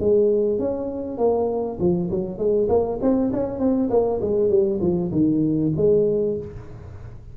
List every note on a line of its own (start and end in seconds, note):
0.00 0.59 G#3
0.59 1.18 C#4
1.18 1.79 A#3
1.80 2.10 F3
2.11 2.38 F#3
2.38 2.69 G#3
2.69 2.99 A#3
3.02 3.32 C4
3.33 3.60 C#4
3.60 3.90 C4
3.90 4.20 A#3
4.22 4.50 G#3
4.50 4.80 G3
4.81 5.12 F3
5.12 5.72 D#3
5.77 6.37 G#3